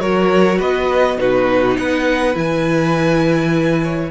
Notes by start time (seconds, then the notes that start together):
0.00 F#3 F#4 A#4 C#5
0.58 B3 B4 D#5
1.17 B2 D#4 F#4 B4
1.77 B3 B4 F#5
2.34 E3 E4 G#5
3.84 C#5